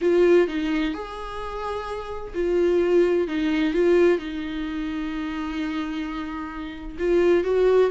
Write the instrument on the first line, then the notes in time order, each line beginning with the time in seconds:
viola
0.01 F4
0.47 D#4
0.94 G#4
2.34 F4
3.27 D#4
3.73 F4
4.18 D#4
6.98 F4
7.44 F#4